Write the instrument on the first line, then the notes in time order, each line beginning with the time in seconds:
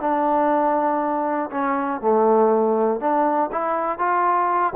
trombone
0.00 D4
1.51 C#4
2.01 A3
3.00 D4
3.52 E4
3.98 F4